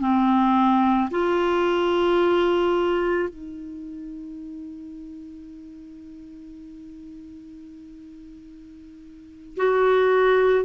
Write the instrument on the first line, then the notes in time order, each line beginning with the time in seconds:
clarinet
0.00 C4
1.10 F4
3.29 D#4
9.56 F#4